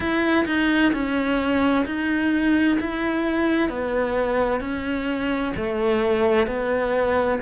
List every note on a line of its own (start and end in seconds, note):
0.00 0.45 E4
0.46 0.92 D#4
0.93 1.85 C#4
1.85 2.78 D#4
2.79 3.69 E4
3.69 4.60 B3
4.60 5.52 C#4
5.56 6.47 A3
6.47 7.39 B3